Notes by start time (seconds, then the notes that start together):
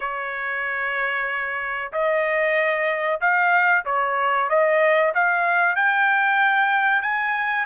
0.00 C#5
1.92 D#5
3.21 F5
3.85 C#5
4.49 D#5
5.14 F5
5.75 G5
7.02 G#5